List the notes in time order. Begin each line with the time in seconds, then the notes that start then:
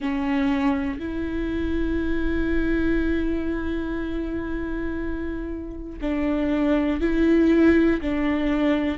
0.00 C#4
0.99 E4
6.00 D4
7.00 E4
8.01 D4